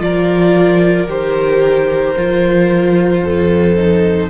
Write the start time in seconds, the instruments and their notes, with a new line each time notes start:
0.00 cello F3, viola F4, violin A#4 D5
1.07 cello D#3, viola G4, violin C5
2.16 cello F3, viola F4
3.22 cello F2, violin A4
3.76 viola D#4